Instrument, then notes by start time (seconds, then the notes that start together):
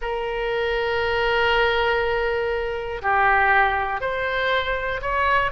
oboe
0.01 A#4
3.02 G4
4.00 C5
5.01 C#5